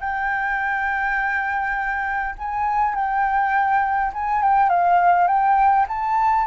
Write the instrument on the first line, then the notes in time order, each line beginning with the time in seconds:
flute
0.00 G5
2.38 G#5
2.94 G5
4.13 G#5
4.43 G5
4.69 F5
5.27 G5
5.88 A5